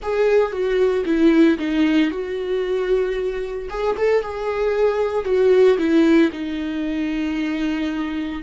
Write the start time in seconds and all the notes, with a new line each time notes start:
0.02 G#4
0.52 F#4
1.05 E4
1.58 D#4
2.11 F#4
3.69 G#4
3.97 A4
4.22 G#4
5.24 F#4
5.78 E4
6.32 D#4